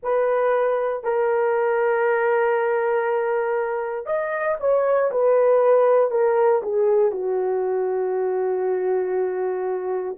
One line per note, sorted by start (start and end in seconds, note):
0.02 1.03 B4
1.03 4.06 A#4
4.06 4.57 D#5
4.60 5.11 C#5
5.11 6.10 B4
6.10 6.61 A#4
6.62 7.11 G#4
7.11 10.16 F#4